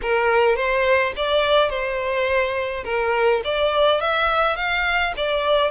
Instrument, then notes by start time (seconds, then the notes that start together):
violin
0.02 A#4
0.56 C5
1.16 D5
1.69 C5
2.84 A#4
3.44 D5
4.01 E5
4.56 F5
5.17 D5